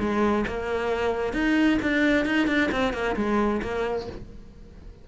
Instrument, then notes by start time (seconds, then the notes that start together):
cello
0.00 G#3
0.48 A#3
1.34 D#4
1.82 D4
2.26 D#4
2.48 D4
2.72 C4
2.94 A#3
3.16 G#3
3.62 A#3